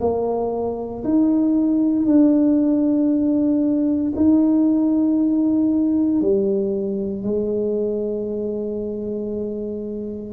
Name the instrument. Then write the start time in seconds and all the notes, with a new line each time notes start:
tuba
0.00 A#3
1.04 D#4
2.06 D4
4.16 D#4
6.21 G3
7.23 G#3